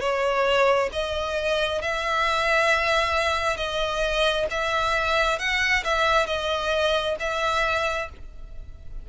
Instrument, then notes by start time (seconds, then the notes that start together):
violin
0.00 C#5
0.92 D#5
1.82 E5
3.57 D#5
4.50 E5
5.39 F#5
5.84 E5
6.26 D#5
7.20 E5